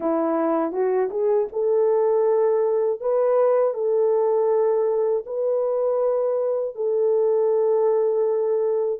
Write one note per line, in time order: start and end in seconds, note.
0.00 0.71 E4
0.71 1.09 F#4
1.10 1.47 G#4
1.52 3.00 A4
3.00 3.73 B4
3.73 5.23 A4
5.25 6.75 B4
6.75 9.00 A4